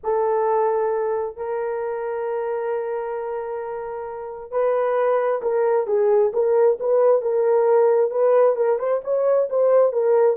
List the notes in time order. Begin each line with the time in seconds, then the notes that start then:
0.03 A4
1.36 A#4
4.51 B4
5.42 A#4
5.86 G#4
6.33 A#4
6.80 B4
7.21 A#4
8.10 B4
8.56 A#4
8.78 C5
9.03 C#5
9.49 C5
9.92 A#4